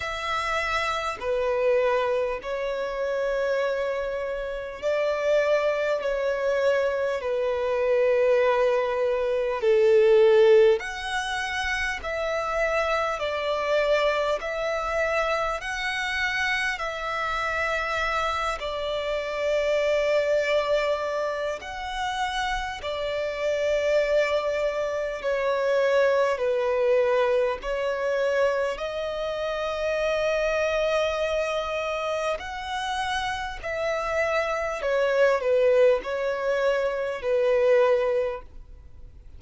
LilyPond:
\new Staff \with { instrumentName = "violin" } { \time 4/4 \tempo 4 = 50 e''4 b'4 cis''2 | d''4 cis''4 b'2 | a'4 fis''4 e''4 d''4 | e''4 fis''4 e''4. d''8~ |
d''2 fis''4 d''4~ | d''4 cis''4 b'4 cis''4 | dis''2. fis''4 | e''4 cis''8 b'8 cis''4 b'4 | }